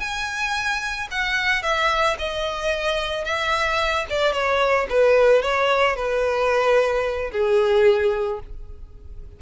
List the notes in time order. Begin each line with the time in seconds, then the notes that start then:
0.00 G#5
1.11 F#5
1.63 E5
2.19 D#5
3.25 E5
4.10 D5
4.33 C#5
4.90 B4
5.43 C#5
5.96 B4
7.32 G#4